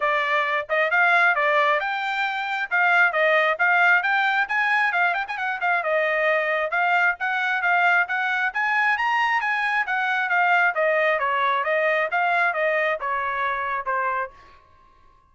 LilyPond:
\new Staff \with { instrumentName = "trumpet" } { \time 4/4 \tempo 4 = 134 d''4. dis''8 f''4 d''4 | g''2 f''4 dis''4 | f''4 g''4 gis''4 f''8 g''16 gis''16 | fis''8 f''8 dis''2 f''4 |
fis''4 f''4 fis''4 gis''4 | ais''4 gis''4 fis''4 f''4 | dis''4 cis''4 dis''4 f''4 | dis''4 cis''2 c''4 | }